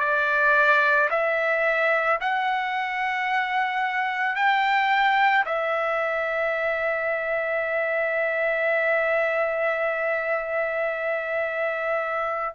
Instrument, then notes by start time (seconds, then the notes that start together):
trumpet
0.00 D5
1.11 E5
2.21 F#5
4.36 G5
5.46 E5